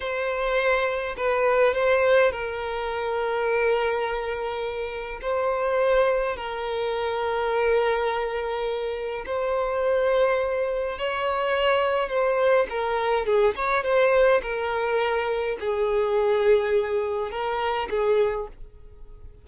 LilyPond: \new Staff \with { instrumentName = "violin" } { \time 4/4 \tempo 4 = 104 c''2 b'4 c''4 | ais'1~ | ais'4 c''2 ais'4~ | ais'1 |
c''2. cis''4~ | cis''4 c''4 ais'4 gis'8 cis''8 | c''4 ais'2 gis'4~ | gis'2 ais'4 gis'4 | }